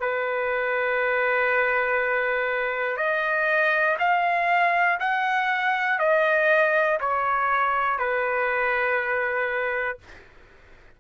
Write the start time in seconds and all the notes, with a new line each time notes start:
0.00 B4
2.97 D#5
3.99 F5
5.00 F#5
6.00 D#5
7.00 C#5
7.99 B4